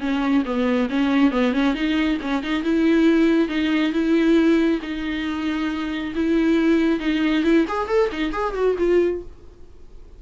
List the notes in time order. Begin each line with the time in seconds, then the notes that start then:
0.00 C#4
0.45 B3
0.90 C#4
1.31 B3
1.53 C#4
1.74 D#4
2.22 C#4
2.43 D#4
2.63 E4
3.49 D#4
3.92 E4
4.82 D#4
6.15 E4
7.00 D#4
7.44 E4
7.68 G#4
7.88 A4
8.12 D#4
8.32 G#4
8.54 F#4
8.78 F4